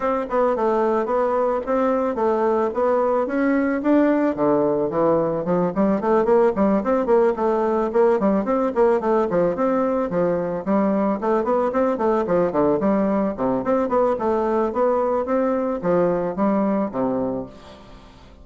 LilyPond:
\new Staff \with { instrumentName = "bassoon" } { \time 4/4 \tempo 4 = 110 c'8 b8 a4 b4 c'4 | a4 b4 cis'4 d'4 | d4 e4 f8 g8 a8 ais8 | g8 c'8 ais8 a4 ais8 g8 c'8 |
ais8 a8 f8 c'4 f4 g8~ | g8 a8 b8 c'8 a8 f8 d8 g8~ | g8 c8 c'8 b8 a4 b4 | c'4 f4 g4 c4 | }